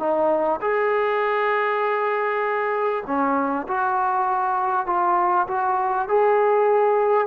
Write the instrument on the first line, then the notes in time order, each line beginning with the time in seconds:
trombone
0.00 D#4
0.62 G#4
3.07 C#4
3.68 F#4
4.87 F4
5.48 F#4
6.09 G#4